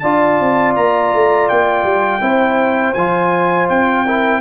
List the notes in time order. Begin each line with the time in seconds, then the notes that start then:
0.00 D4 F4 D5 A5
0.40 C4
0.76 A#3 A#5
1.14 A3
1.49 A#3 G5
1.84 G3
2.22 C4 E4 C5
2.94 F3 F4 G#5
3.70 C4 G5
4.06 E4 A#4